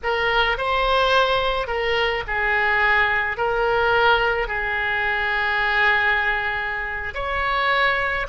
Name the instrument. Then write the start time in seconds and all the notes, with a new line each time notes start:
oboe
0.03 A#4
0.57 C5
1.67 A#4
2.27 G#4
3.37 A#4
4.47 G#4
7.14 C#5